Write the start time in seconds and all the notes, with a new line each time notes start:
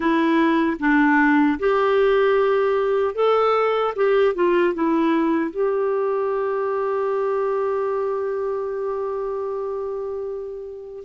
0.00 E4
0.79 D4
1.59 G4
3.14 A4
3.95 G4
4.34 F4
4.74 E4
5.50 G4